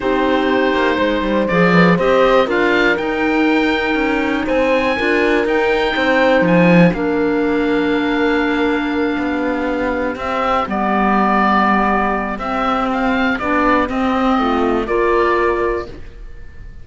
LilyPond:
<<
  \new Staff \with { instrumentName = "oboe" } { \time 4/4 \tempo 4 = 121 c''2. d''4 | dis''4 f''4 g''2~ | g''4 gis''2 g''4~ | g''4 gis''4 f''2~ |
f''1~ | f''8 e''4 d''2~ d''8~ | d''4 e''4 f''4 d''4 | dis''2 d''2 | }
  \new Staff \with { instrumentName = "horn" } { \time 4/4 g'2 c''4. b'8 | c''4 ais'2.~ | ais'4 c''4 ais'2 | c''2 ais'2~ |
ais'2~ ais'8 g'4.~ | g'1~ | g'1~ | g'4 f'4 ais'2 | }
  \new Staff \with { instrumentName = "clarinet" } { \time 4/4 dis'2. gis'4 | g'4 f'4 dis'2~ | dis'2 f'4 dis'4~ | dis'2 d'2~ |
d'1~ | d'8 c'4 b2~ b8~ | b4 c'2 d'4 | c'2 f'2 | }
  \new Staff \with { instrumentName = "cello" } { \time 4/4 c'4. ais8 gis8 g8 f4 | c'4 d'4 dis'2 | cis'4 c'4 d'4 dis'4 | c'4 f4 ais2~ |
ais2~ ais8 b4.~ | b8 c'4 g2~ g8~ | g4 c'2 b4 | c'4 a4 ais2 | }
>>